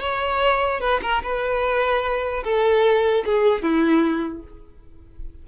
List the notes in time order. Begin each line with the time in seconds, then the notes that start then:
0.00 C#5
0.80 B4
1.02 A#4
1.22 B4
2.44 A4
3.25 G#4
3.62 E4